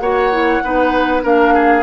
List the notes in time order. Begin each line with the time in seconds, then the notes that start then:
0.00 A#3 F#4 C#5 F#5
0.32 E4
0.63 B3 D#4 B4
1.22 A#3 D4 A#4 F5
1.54 G#4